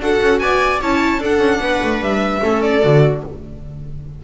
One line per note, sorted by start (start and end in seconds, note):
0.00 0.20 D4
0.00 0.81 F#4
0.00 0.42 A4
0.00 0.39 F#5
0.23 0.41 C#4
0.39 0.81 B3
0.39 0.82 D5
0.39 0.80 G#5
0.82 1.19 C#4
0.82 1.22 E4
0.82 1.20 C#5
0.82 1.23 A5
1.19 1.39 D4
1.19 2.42 D4
1.19 1.61 A4
1.25 2.03 F#5
1.39 1.59 C#4
1.60 1.80 B3
1.60 2.42 B4
1.83 2.01 A3
2.01 2.41 G3
2.01 2.62 E5
2.42 2.84 A3
2.42 2.82 C#4
2.42 3.23 A4
2.62 3.22 D5
2.82 3.24 D3
2.82 3.22 F#4